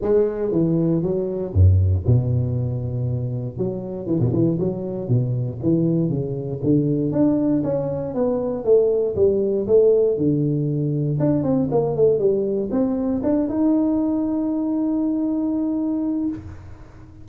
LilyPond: \new Staff \with { instrumentName = "tuba" } { \time 4/4 \tempo 4 = 118 gis4 e4 fis4 fis,4 | b,2. fis4 | e16 b,16 e8 fis4 b,4 e4 | cis4 d4 d'4 cis'4 |
b4 a4 g4 a4 | d2 d'8 c'8 ais8 a8 | g4 c'4 d'8 dis'4.~ | dis'1 | }